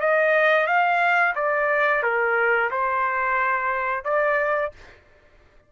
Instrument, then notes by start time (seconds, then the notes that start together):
trumpet
0.00 D#5
0.66 F5
1.35 D5
2.03 A#4
2.70 C5
4.04 D5